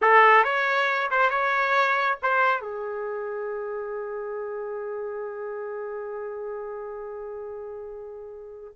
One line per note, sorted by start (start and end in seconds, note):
0.01 0.44 A4
0.44 1.09 C#5
1.10 1.30 C5
1.30 2.17 C#5
2.22 2.61 C5
2.61 8.74 G#4